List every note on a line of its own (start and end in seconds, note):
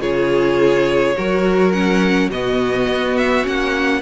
0.00 1.14 C#3
0.00 1.15 F4
0.00 1.16 G#4
0.00 1.72 C#5
1.16 2.30 F#3
1.16 1.73 F#4
1.16 2.30 A#4
1.72 2.30 C#4
1.72 2.29 F#5
2.30 2.87 B2
2.30 3.43 B3
2.30 4.01 F#4
2.30 3.17 D#5
2.88 3.45 B3
3.17 3.46 E5
3.43 4.02 A#3
3.43 4.00 C#4
3.43 4.02 F#5